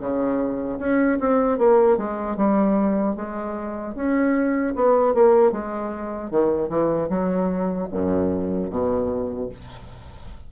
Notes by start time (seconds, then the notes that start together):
0.00 C#3
0.80 C#4
1.20 C4
1.59 A#3
1.98 G#3
2.37 G3
3.17 G#3
3.95 C#4
4.76 B3
5.15 A#3
5.52 G#3
6.31 D#3
6.69 E3
7.09 F#3
7.92 F#2
8.71 B2